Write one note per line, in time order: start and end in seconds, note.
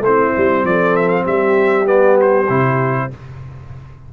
0.00 0.31 A3
0.00 0.66 E4
0.00 0.66 C5
0.06 1.86 C4
0.37 0.64 G3
0.64 1.25 F3
0.64 1.24 A4
0.64 0.96 D5
0.96 1.09 E5
1.09 1.24 F5
1.24 2.49 G3
1.24 3.08 G4
1.24 1.87 E5
1.86 2.47 B3
1.86 2.17 D5
2.21 3.13 C5
2.49 3.11 C3
2.49 3.10 E4